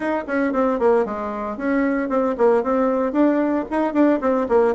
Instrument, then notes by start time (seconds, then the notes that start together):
bassoon
0.00 D#4
0.27 C#4
0.52 C4
0.79 A#3
1.05 G#3
1.57 C#4
2.09 C4
2.37 A#3
2.63 C4
3.12 D4
3.70 D#4
3.93 D4
4.21 C4
4.48 A#3